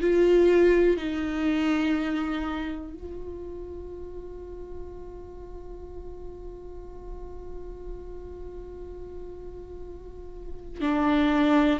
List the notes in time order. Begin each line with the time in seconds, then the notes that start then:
0.00 F4
0.97 D#4
2.94 F4
10.81 D4